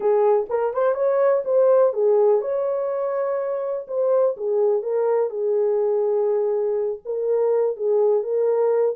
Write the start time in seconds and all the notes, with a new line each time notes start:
0.00 G#4
0.49 A#4
0.73 C5
0.94 C#5
1.45 C5
1.93 G#4
2.41 C#5
3.87 C5
4.36 G#4
4.82 A#4
5.30 G#4
7.05 A#4
7.76 G#4
8.23 A#4